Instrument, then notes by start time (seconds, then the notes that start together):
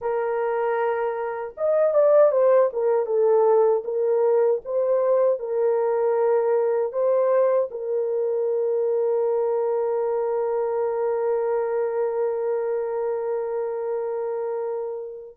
horn
0.01 A#4
1.57 D#5
1.94 D5
2.31 C5
2.72 A#4
3.06 A4
3.84 A#4
4.64 C5
5.39 A#4
6.92 C5
7.71 A#4